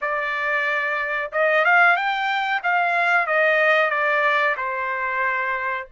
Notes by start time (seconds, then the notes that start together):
0.01 D5
1.32 D#5
1.65 F5
1.96 G5
2.63 F5
3.26 D#5
3.90 D5
4.56 C5